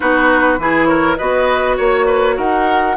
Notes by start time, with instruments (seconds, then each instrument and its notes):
0.00 bassoon B3, clarinet D#4, oboe F#4, flute B4
0.58 bassoon E3, clarinet E4, oboe G#4
0.85 oboe A#4, flute C#5
1.16 bassoon B3, clarinet F#4, oboe B4, flute D#5
1.76 bassoon A#3, oboe C#5, flute C#5
2.05 oboe B4
2.36 bassoon D#4, oboe A#4, flute F#5